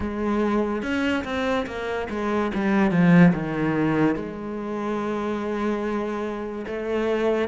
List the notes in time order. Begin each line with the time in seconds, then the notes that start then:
0.00 G#3
0.82 C#4
1.24 C4
1.66 A#3
2.09 G#3
2.54 G3
2.91 F3
3.33 D#3
4.15 G#3
6.66 A3